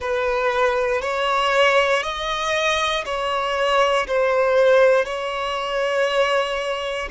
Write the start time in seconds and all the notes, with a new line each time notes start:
0.00 B4
1.01 C#5
2.02 D#5
3.05 C#5
4.07 C5
5.05 C#5